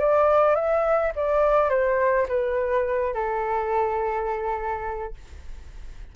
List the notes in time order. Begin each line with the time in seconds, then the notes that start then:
0.00 D5
0.56 E5
1.16 D5
1.70 C5
2.29 B4
3.15 A4